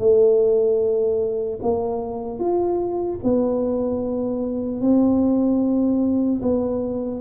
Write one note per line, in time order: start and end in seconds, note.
0.00 1.60 A3
1.63 2.40 A#3
2.40 3.20 F4
3.24 4.81 B3
4.81 6.41 C4
6.42 7.21 B3